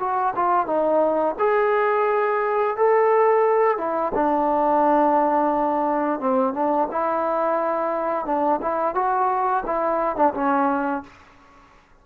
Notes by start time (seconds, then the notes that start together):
0.00 F#4
0.36 F4
0.67 D#4
1.39 G#4
2.77 A4
3.78 E4
4.15 D4
6.21 C4
6.54 D4
6.92 E4
8.26 D4
8.62 E4
8.95 F#4
9.66 E4
10.16 D4
10.35 C#4